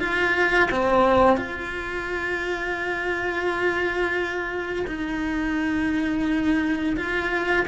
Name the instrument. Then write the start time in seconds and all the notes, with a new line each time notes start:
cello
0.00 F4
0.71 C4
1.38 F4
4.87 D#4
6.97 F4